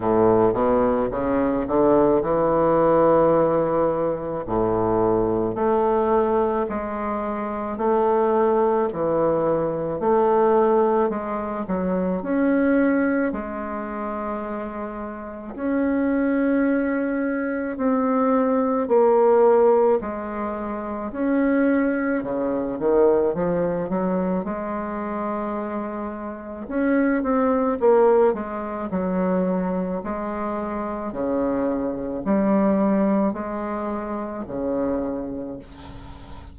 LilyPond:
\new Staff \with { instrumentName = "bassoon" } { \time 4/4 \tempo 4 = 54 a,8 b,8 cis8 d8 e2 | a,4 a4 gis4 a4 | e4 a4 gis8 fis8 cis'4 | gis2 cis'2 |
c'4 ais4 gis4 cis'4 | cis8 dis8 f8 fis8 gis2 | cis'8 c'8 ais8 gis8 fis4 gis4 | cis4 g4 gis4 cis4 | }